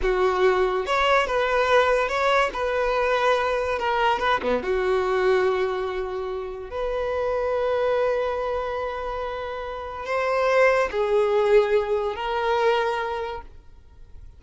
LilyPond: \new Staff \with { instrumentName = "violin" } { \time 4/4 \tempo 4 = 143 fis'2 cis''4 b'4~ | b'4 cis''4 b'2~ | b'4 ais'4 b'8 b8 fis'4~ | fis'1 |
b'1~ | b'1 | c''2 gis'2~ | gis'4 ais'2. | }